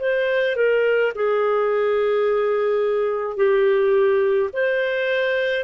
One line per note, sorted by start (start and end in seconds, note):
0.00 0.56 C5
0.56 1.13 A#4
1.15 3.37 G#4
3.37 4.50 G4
4.53 5.64 C5